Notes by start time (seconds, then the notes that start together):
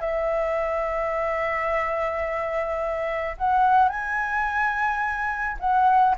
0.00 E5
3.38 F#5
3.89 G#5
5.59 F#5